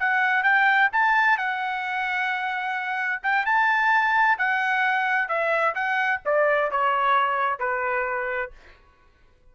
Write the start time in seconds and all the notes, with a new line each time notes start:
0.00 F#5
0.44 G5
0.93 A5
1.38 F#5
3.23 G5
3.46 A5
4.38 F#5
5.29 E5
5.75 F#5
6.26 D5
6.72 C#5
7.60 B4